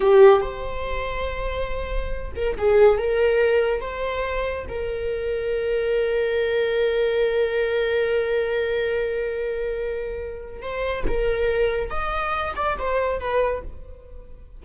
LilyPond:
\new Staff \with { instrumentName = "viola" } { \time 4/4 \tempo 4 = 141 g'4 c''2.~ | c''4. ais'8 gis'4 ais'4~ | ais'4 c''2 ais'4~ | ais'1~ |
ais'1~ | ais'1~ | ais'4 c''4 ais'2 | dis''4. d''8 c''4 b'4 | }